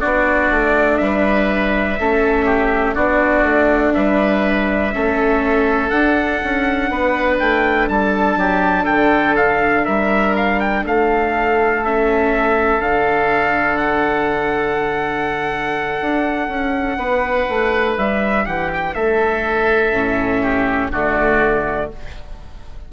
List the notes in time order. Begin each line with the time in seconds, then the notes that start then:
0.00 B3 D4 F#4 D5
0.51 A3
0.98 G3 B4 E5
2.00 A3 C#4 A4
2.45 G4
2.94 B3 D4 F#4 D5
3.42 A3
3.94 G3 B4 E5
4.93 A3 C#4 A4
5.90 D4 F#5
6.43 C#4
6.90 B3 B4
7.39 A3 G5
7.89 G3 A4 A5
8.36 F#3 G4
8.83 D3 A4 G5
9.36 F5
9.85 G3 A#4 E5
10.36 F5
10.60 G5
10.84 A3 A4 F5
11.84 C#4 E5
12.79 D3 D4 F5
13.77 F#5
16.01 D4
16.48 C#4
16.97 B3 B4
17.49 A3
17.97 G3 E5
18.45 E3 G4 F#5
18.74 G5
18.94 A3 A4 E5
19.93 A2 C#4
20.42 G4
20.89 D3 A3 F#4 D5